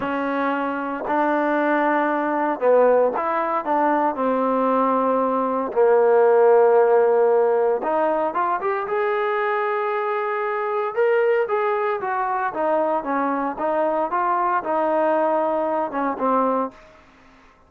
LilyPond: \new Staff \with { instrumentName = "trombone" } { \time 4/4 \tempo 4 = 115 cis'2 d'2~ | d'4 b4 e'4 d'4 | c'2. ais4~ | ais2. dis'4 |
f'8 g'8 gis'2.~ | gis'4 ais'4 gis'4 fis'4 | dis'4 cis'4 dis'4 f'4 | dis'2~ dis'8 cis'8 c'4 | }